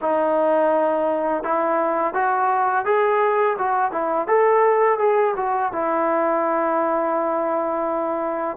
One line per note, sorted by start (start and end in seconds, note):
0.01 1.43 D#4
1.43 2.14 E4
2.14 2.85 F#4
2.85 3.56 G#4
3.58 3.91 F#4
3.91 4.27 E4
4.27 4.98 A4
4.98 5.34 G#4
5.36 5.72 F#4
5.72 8.57 E4